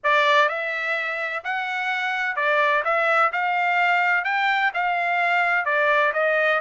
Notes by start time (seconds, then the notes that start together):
0.03 D5
0.49 E5
1.43 F#5
2.35 D5
2.84 E5
3.32 F5
4.24 G5
4.74 F5
5.65 D5
6.13 D#5